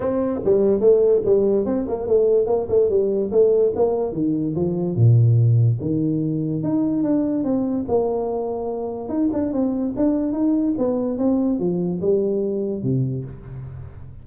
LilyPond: \new Staff \with { instrumentName = "tuba" } { \time 4/4 \tempo 4 = 145 c'4 g4 a4 g4 | c'8 ais8 a4 ais8 a8 g4 | a4 ais4 dis4 f4 | ais,2 dis2 |
dis'4 d'4 c'4 ais4~ | ais2 dis'8 d'8 c'4 | d'4 dis'4 b4 c'4 | f4 g2 c4 | }